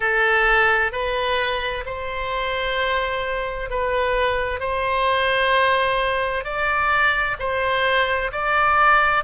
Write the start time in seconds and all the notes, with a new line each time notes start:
0.00 A4
0.91 B4
1.85 C5
3.70 B4
4.59 C5
6.44 D5
7.38 C5
8.32 D5